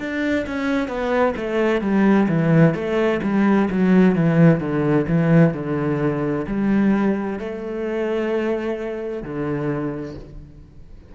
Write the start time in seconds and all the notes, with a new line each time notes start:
0.00 D4
0.47 C#4
0.88 B3
1.37 A3
1.82 G3
2.29 E3
2.74 A3
3.23 G3
3.71 F#3
4.16 E3
4.60 D3
5.08 E3
5.54 D3
6.47 G3
7.40 A3
9.23 D3